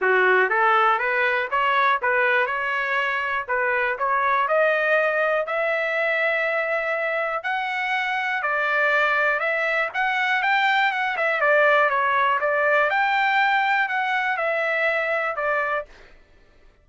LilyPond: \new Staff \with { instrumentName = "trumpet" } { \time 4/4 \tempo 4 = 121 fis'4 a'4 b'4 cis''4 | b'4 cis''2 b'4 | cis''4 dis''2 e''4~ | e''2. fis''4~ |
fis''4 d''2 e''4 | fis''4 g''4 fis''8 e''8 d''4 | cis''4 d''4 g''2 | fis''4 e''2 d''4 | }